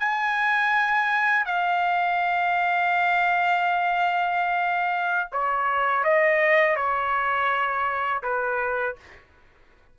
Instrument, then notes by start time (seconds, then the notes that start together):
trumpet
0.00 G#5
1.46 F5
5.32 C#5
6.04 D#5
6.76 C#5
8.23 B4